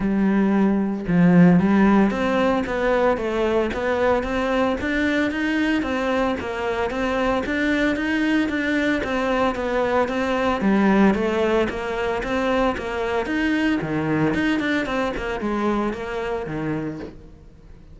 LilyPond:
\new Staff \with { instrumentName = "cello" } { \time 4/4 \tempo 4 = 113 g2 f4 g4 | c'4 b4 a4 b4 | c'4 d'4 dis'4 c'4 | ais4 c'4 d'4 dis'4 |
d'4 c'4 b4 c'4 | g4 a4 ais4 c'4 | ais4 dis'4 dis4 dis'8 d'8 | c'8 ais8 gis4 ais4 dis4 | }